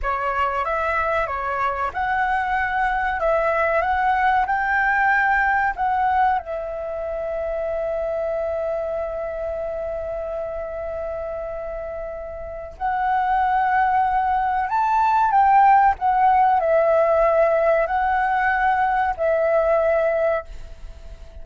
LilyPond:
\new Staff \with { instrumentName = "flute" } { \time 4/4 \tempo 4 = 94 cis''4 e''4 cis''4 fis''4~ | fis''4 e''4 fis''4 g''4~ | g''4 fis''4 e''2~ | e''1~ |
e''1 | fis''2. a''4 | g''4 fis''4 e''2 | fis''2 e''2 | }